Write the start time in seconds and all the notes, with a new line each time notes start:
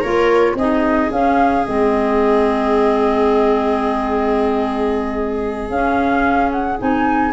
0.00 A#3 F4 A#4 C#5
0.55 C4 D#4 G#4 D#5
1.11 C#4 F5
1.65 G#3 C4 D#5
5.69 C#4 F5
6.51 F#5
6.78 C4 D#4 G#5